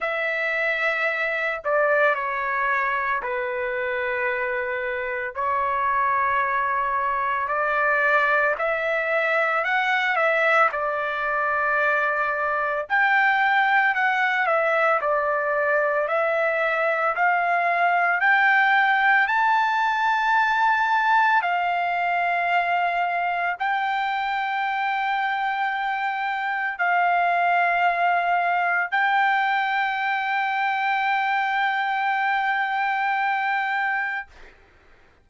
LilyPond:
\new Staff \with { instrumentName = "trumpet" } { \time 4/4 \tempo 4 = 56 e''4. d''8 cis''4 b'4~ | b'4 cis''2 d''4 | e''4 fis''8 e''8 d''2 | g''4 fis''8 e''8 d''4 e''4 |
f''4 g''4 a''2 | f''2 g''2~ | g''4 f''2 g''4~ | g''1 | }